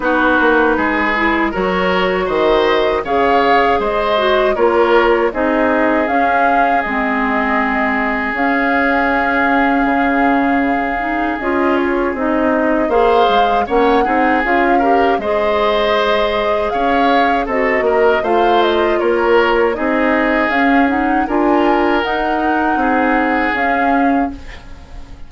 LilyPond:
<<
  \new Staff \with { instrumentName = "flute" } { \time 4/4 \tempo 4 = 79 b'2 cis''4 dis''4 | f''4 dis''4 cis''4 dis''4 | f''4 dis''2 f''4~ | f''2. dis''8 cis''8 |
dis''4 f''4 fis''4 f''4 | dis''2 f''4 dis''4 | f''8 dis''8 cis''4 dis''4 f''8 fis''8 | gis''4 fis''2 f''4 | }
  \new Staff \with { instrumentName = "oboe" } { \time 4/4 fis'4 gis'4 ais'4 c''4 | cis''4 c''4 ais'4 gis'4~ | gis'1~ | gis'1~ |
gis'4 c''4 cis''8 gis'4 ais'8 | c''2 cis''4 a'8 ais'8 | c''4 ais'4 gis'2 | ais'2 gis'2 | }
  \new Staff \with { instrumentName = "clarinet" } { \time 4/4 dis'4. e'8 fis'2 | gis'4. fis'8 f'4 dis'4 | cis'4 c'2 cis'4~ | cis'2~ cis'8 dis'8 f'4 |
dis'4 gis'4 cis'8 dis'8 f'8 g'8 | gis'2. fis'4 | f'2 dis'4 cis'8 dis'8 | f'4 dis'2 cis'4 | }
  \new Staff \with { instrumentName = "bassoon" } { \time 4/4 b8 ais8 gis4 fis4 dis4 | cis4 gis4 ais4 c'4 | cis'4 gis2 cis'4~ | cis'4 cis2 cis'4 |
c'4 ais8 gis8 ais8 c'8 cis'4 | gis2 cis'4 c'8 ais8 | a4 ais4 c'4 cis'4 | d'4 dis'4 c'4 cis'4 | }
>>